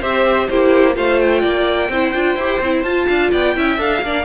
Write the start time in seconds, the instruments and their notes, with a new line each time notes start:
0.00 cello C4, viola G4, violin C5 E5
0.48 cello A#3, viola E4, violin G4 C5
0.94 cello A3, viola F4, violin C5 F5
1.20 violin G5
1.41 cello A#3, violin D5
1.89 cello C4, viola E4, violin C5
2.14 cello D4, viola F4
2.36 cello E4, viola G4
2.60 cello C4, viola E4
2.83 cello F4, viola F4, violin A5
3.07 cello D4, violin F5
3.31 cello B3, violin D5 G5
3.55 cello C#4, viola E4, violin E5
3.78 cello D4, viola A4, violin F5
4.02 cello A#3, viola D4, violin D5